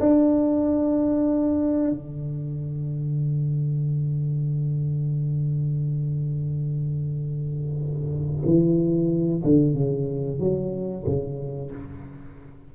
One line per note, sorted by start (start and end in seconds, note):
0.00 1.90 D4
1.90 8.42 D3
8.45 9.43 E3
9.44 9.74 D3
9.74 10.39 C#3
10.39 11.05 F#3
11.06 11.71 C#3